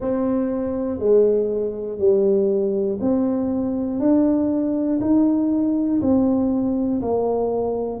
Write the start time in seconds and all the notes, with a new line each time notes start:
0.00 C4
0.99 G#3
1.98 G3
3.00 C4
3.99 D4
5.00 D#4
6.00 C4
7.01 A#3